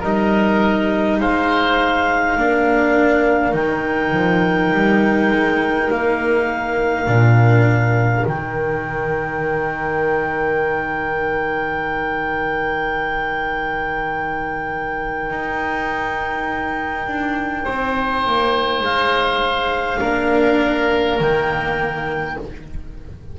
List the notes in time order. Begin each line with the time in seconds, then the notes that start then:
0.00 G3 D#4 A#4 D#5
1.21 G#3 C5 F5
2.37 A#3 D4 A#4
3.52 D#3 D#4 G5
4.13 F3
4.73 G3
5.31 G#3
5.91 A#3 F5
7.07 A#2 D4
8.24 D#3 D#4 G5
15.31 D#4
17.07 D4
17.65 C4 C5
18.27 A#3
18.81 G#3 F5
20.01 A#3 D4 A#4
21.19 D#3 A#3 G5